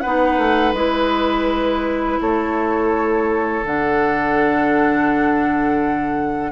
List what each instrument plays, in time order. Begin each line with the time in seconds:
0.00 bassoon B3, clarinet D#4, oboe B4, flute F#5
0.38 bassoon A3
0.73 bassoon G#3, clarinet E4, flute B4
2.21 bassoon A3, oboe A4, flute C#5
3.63 bassoon D3, clarinet D4, flute F#5